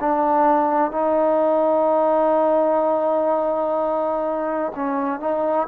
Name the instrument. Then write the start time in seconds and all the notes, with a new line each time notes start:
trombone
0.00 D4
0.91 D#4
4.75 C#4
5.20 D#4